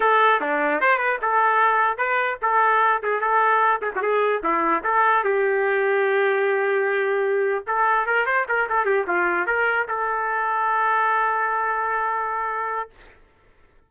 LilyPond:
\new Staff \with { instrumentName = "trumpet" } { \time 4/4 \tempo 4 = 149 a'4 d'4 c''8 b'8 a'4~ | a'4 b'4 a'4. gis'8 | a'4. gis'16 fis'16 gis'4 e'4 | a'4 g'2.~ |
g'2. a'4 | ais'8 c''8 ais'8 a'8 g'8 f'4 ais'8~ | ais'8 a'2.~ a'8~ | a'1 | }